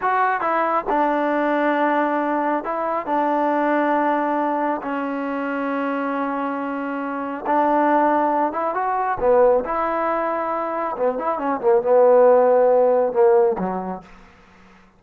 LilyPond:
\new Staff \with { instrumentName = "trombone" } { \time 4/4 \tempo 4 = 137 fis'4 e'4 d'2~ | d'2 e'4 d'4~ | d'2. cis'4~ | cis'1~ |
cis'4 d'2~ d'8 e'8 | fis'4 b4 e'2~ | e'4 b8 e'8 cis'8 ais8 b4~ | b2 ais4 fis4 | }